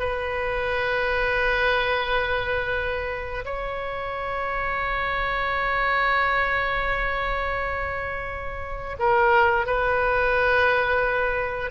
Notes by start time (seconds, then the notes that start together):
0.00 B4
3.45 C#5
8.99 A#4
9.66 B4